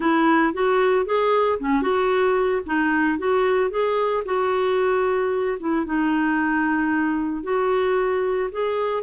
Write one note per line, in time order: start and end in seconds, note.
0.00 0.53 E4
0.53 1.05 F#4
1.05 1.58 G#4
1.59 1.82 C#4
1.82 2.61 F#4
2.66 3.18 D#4
3.18 3.70 F#4
3.70 4.23 G#4
4.25 5.58 F#4
5.59 5.85 E4
5.85 7.43 D#4
7.43 8.49 F#4
8.51 9.03 G#4